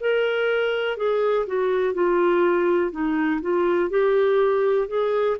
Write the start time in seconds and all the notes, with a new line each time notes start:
0.00 A#4
0.97 G#4
1.47 F#4
1.94 F4
2.91 D#4
3.41 F4
3.90 G4
4.88 G#4